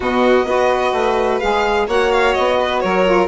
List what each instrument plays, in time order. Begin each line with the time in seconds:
0.00 bassoon B2, saxophone B3, violin F#4 D#5
0.45 bassoon B3, saxophone F#4, violin B4
0.93 bassoon A3
1.39 bassoon G#3, saxophone G#4, violin F5
1.87 bassoon A#3, saxophone F#4, violin C#5 F#5
2.11 violin F5
2.33 bassoon B3, violin D#5
2.59 violin B4
2.79 bassoon F#3, violin A#4 C#5
3.05 saxophone F4